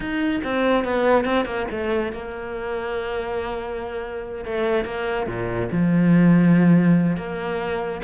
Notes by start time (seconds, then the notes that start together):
0.00 D#4
0.44 C4
0.84 B3
1.24 C4
1.45 A#3
1.70 A3
2.12 A#3
4.45 A3
4.84 A#3
5.26 A#2
5.71 F3
7.16 A#3